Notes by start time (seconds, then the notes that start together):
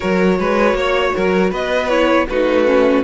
0.00 F#3 F#4 A#4 C#5
0.39 G#3 B4
0.73 A#3 C#5
1.15 F#3 A#4
1.50 B3 B4 D#5
1.88 E4 C#5
2.28 A3 D#4 F#4 B4
2.66 C#4